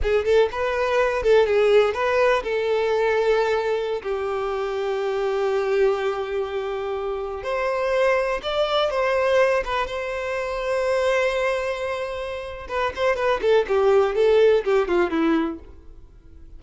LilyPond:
\new Staff \with { instrumentName = "violin" } { \time 4/4 \tempo 4 = 123 gis'8 a'8 b'4. a'8 gis'4 | b'4 a'2.~ | a'16 g'2.~ g'8.~ | g'2.~ g'16 c''8.~ |
c''4~ c''16 d''4 c''4. b'16~ | b'16 c''2.~ c''8.~ | c''2 b'8 c''8 b'8 a'8 | g'4 a'4 g'8 f'8 e'4 | }